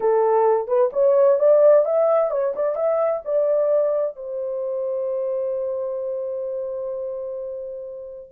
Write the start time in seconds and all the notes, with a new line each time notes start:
0.00 A4
0.67 B4
0.93 C#5
1.39 D5
1.85 E5
2.31 C#5
2.55 D5
2.75 E5
3.24 D5
4.16 C5